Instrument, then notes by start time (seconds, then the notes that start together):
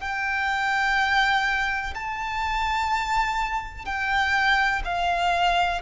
violin
0.00 G5
1.94 A5
3.85 G5
4.85 F5